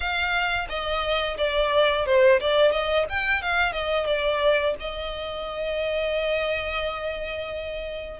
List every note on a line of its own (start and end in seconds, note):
0.00 0.67 F5
0.68 1.37 D#5
1.37 2.05 D5
2.05 2.40 C5
2.40 2.71 D5
2.71 3.05 D#5
3.09 3.42 G5
3.42 3.72 F5
3.72 4.06 D#5
4.06 4.74 D5
4.79 8.20 D#5